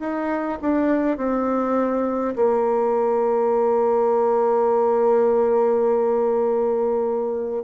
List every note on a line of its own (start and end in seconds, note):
0.00 0.59 D#4
0.62 1.18 D4
1.18 2.35 C4
2.36 7.64 A#3